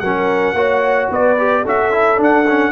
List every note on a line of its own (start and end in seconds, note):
0.00 0.54 F#3
0.00 0.56 C#4
0.00 0.56 A#4
0.00 1.09 F#5
0.54 1.08 A#3
0.54 1.37 F#4
0.54 1.10 C#5
1.10 1.65 B3
1.10 1.63 B4
1.10 1.67 D5
1.38 1.65 G4
1.63 2.20 C#4
1.63 1.92 F#4
1.63 2.72 A4
1.63 2.22 E5
1.92 2.17 E4
2.17 2.44 D4
2.17 2.72 D4
2.23 2.72 F#5
2.49 2.72 C#4